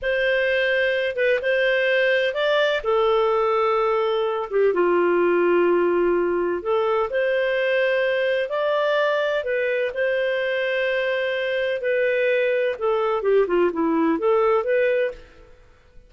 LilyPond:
\new Staff \with { instrumentName = "clarinet" } { \time 4/4 \tempo 4 = 127 c''2~ c''8 b'8 c''4~ | c''4 d''4 a'2~ | a'4. g'8 f'2~ | f'2 a'4 c''4~ |
c''2 d''2 | b'4 c''2.~ | c''4 b'2 a'4 | g'8 f'8 e'4 a'4 b'4 | }